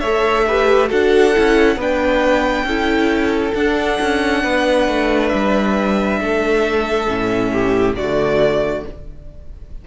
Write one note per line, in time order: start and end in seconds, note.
0.00 0.91 A3
0.00 0.47 A4
0.00 0.44 C#5
0.00 0.88 E5
0.47 0.89 G4
0.47 0.89 B4
0.89 1.36 D4
0.89 1.33 F#4
0.89 1.77 A4
0.89 1.80 F#5
1.34 1.76 C#4
1.34 1.78 E4
1.76 2.64 B3
1.76 2.68 D4
1.76 2.65 B4
1.76 3.55 G5
2.64 3.52 C#4
2.64 3.55 E4
2.64 4.43 A4
3.55 3.99 D4
3.55 7.07 D4
3.55 5.28 F#5
4.01 4.44 C#4
4.43 4.88 B3
4.43 6.20 B4
4.88 5.32 A3
5.28 6.21 G3
5.28 7.93 E5
6.21 7.08 A3
6.21 7.52 A4
7.07 7.95 A2
7.07 7.96 C#4
7.52 7.97 G4
7.95 8.84 D3
7.95 8.87 A3
7.95 8.85 F#4
7.95 8.84 D5